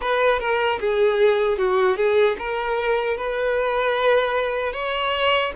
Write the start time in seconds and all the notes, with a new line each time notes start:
0.01 B4
0.39 A#4
0.80 G#4
1.58 F#4
1.96 G#4
2.38 A#4
3.17 B4
4.73 C#5